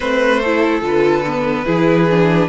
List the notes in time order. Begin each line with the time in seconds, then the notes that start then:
0.00 A3 C4 B4 C5
0.40 E4 A4
0.81 D3 F4 B4
1.26 B3
1.65 E3 E4 G#4
2.10 D4